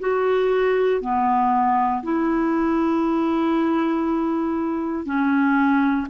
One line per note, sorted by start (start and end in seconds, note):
0.00 1.01 F#4
1.01 2.03 B3
2.03 5.05 E4
5.05 6.07 C#4